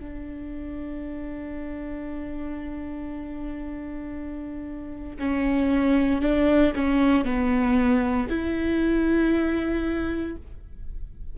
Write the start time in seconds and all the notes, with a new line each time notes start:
0.00 D4
5.19 C#4
6.22 D4
6.75 C#4
7.25 B3
8.29 E4